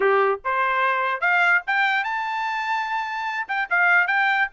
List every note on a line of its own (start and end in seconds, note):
0.00 0.40 G4
0.44 1.20 C5
1.20 1.61 F5
1.67 2.04 G5
2.04 3.46 A5
3.48 3.68 G5
3.70 4.07 F5
4.07 4.48 G5